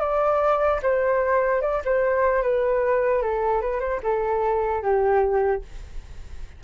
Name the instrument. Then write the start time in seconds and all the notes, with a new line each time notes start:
flute
0.00 D5
0.82 C5
1.61 D5
1.84 C5
2.42 B4
3.22 A4
3.61 B4
3.80 C5
4.03 A4
4.82 G4